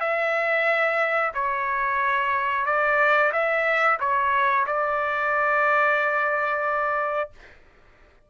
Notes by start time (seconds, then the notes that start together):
0.00 E5
1.34 C#5
2.66 D5
3.33 E5
4.00 C#5
4.66 D5